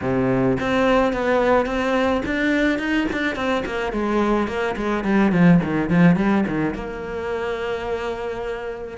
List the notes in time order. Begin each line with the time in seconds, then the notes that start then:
0.01 C3
0.60 C4
1.12 B3
1.66 C4
2.25 D4
2.78 D#4
3.12 D4
3.35 C4
3.65 A#3
3.92 G#3
4.47 A#3
4.76 G#3
5.04 G3
5.31 F3
5.63 D#3
5.89 F3
6.16 G3
6.47 D#3
6.74 A#3